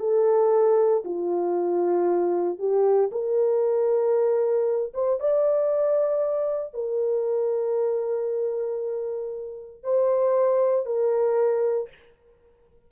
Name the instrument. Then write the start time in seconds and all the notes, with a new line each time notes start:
horn
0.00 A4
1.05 F4
2.58 G4
3.12 A#4
4.94 C5
5.20 D5
6.74 A#4
9.83 C5
10.86 A#4